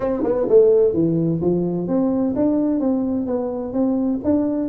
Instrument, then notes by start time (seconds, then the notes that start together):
tuba
0.00 C4
0.23 B3
0.49 A3
0.93 E3
1.40 F3
1.87 C4
2.35 D4
2.80 C4
3.26 B3
3.73 C4
4.24 D4